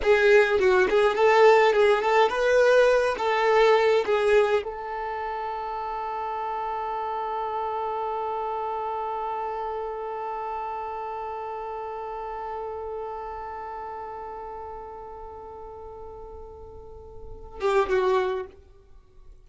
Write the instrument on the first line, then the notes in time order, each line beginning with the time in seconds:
violin
0.02 G#4
0.59 F#4
0.89 G#4
1.15 A4
1.73 G#4
2.02 A4
2.29 B4
3.18 A4
4.05 G#4
4.63 A4
17.60 G4
17.88 F#4